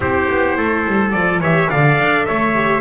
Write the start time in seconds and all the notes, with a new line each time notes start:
0.00 C4 E4 G4 C5
0.30 B3
0.57 A3 A4
0.86 G3
1.11 F3 F4 D5
1.40 E3 G4 C#5 E5
1.69 D3 A4 D5 F5
1.99 D4
2.26 A3 C#5 E5
2.53 G4